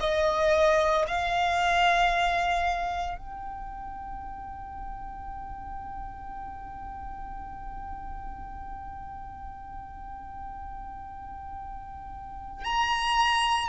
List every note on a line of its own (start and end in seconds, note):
0.00 1.05 D#5
1.07 3.18 F5
3.18 12.64 G5
12.64 13.69 A#5